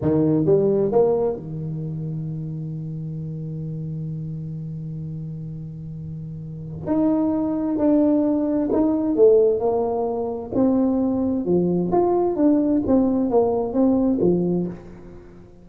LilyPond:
\new Staff \with { instrumentName = "tuba" } { \time 4/4 \tempo 4 = 131 dis4 g4 ais4 dis4~ | dis1~ | dis1~ | dis2. dis'4~ |
dis'4 d'2 dis'4 | a4 ais2 c'4~ | c'4 f4 f'4 d'4 | c'4 ais4 c'4 f4 | }